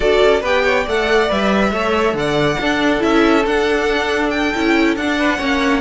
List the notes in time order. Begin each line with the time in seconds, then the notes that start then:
0.00 D4 F#4 A4 D5
0.22 C#4
0.40 B3 G4 B4 G5
0.63 C#5
0.83 A3 A4 D5 F#5
1.28 G3 B4 E5
1.72 A3 A4 C#5
2.13 D3 D5 F#5
2.60 D4 A4
2.99 C#4 E4 E5
3.45 D4 F#5
4.30 G5
4.54 C#4 E4
4.95 D4 F#5
5.18 B4
5.37 A#3 C#4 C#5